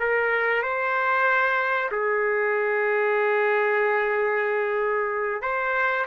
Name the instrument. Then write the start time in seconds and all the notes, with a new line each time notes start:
trumpet
0.00 A#4
0.63 C5
1.91 G#4
5.42 C5